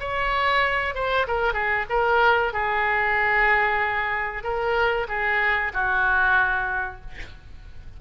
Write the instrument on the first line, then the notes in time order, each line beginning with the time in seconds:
oboe
0.00 C#5
0.95 C5
1.28 A#4
1.54 G#4
1.90 A#4
2.53 G#4
4.44 A#4
5.09 G#4
5.74 F#4